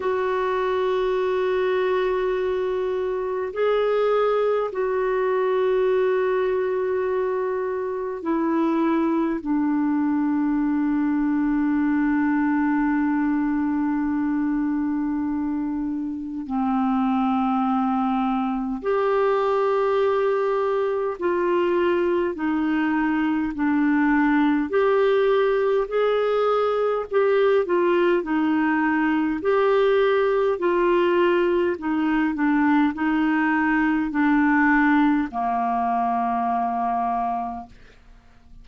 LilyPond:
\new Staff \with { instrumentName = "clarinet" } { \time 4/4 \tempo 4 = 51 fis'2. gis'4 | fis'2. e'4 | d'1~ | d'2 c'2 |
g'2 f'4 dis'4 | d'4 g'4 gis'4 g'8 f'8 | dis'4 g'4 f'4 dis'8 d'8 | dis'4 d'4 ais2 | }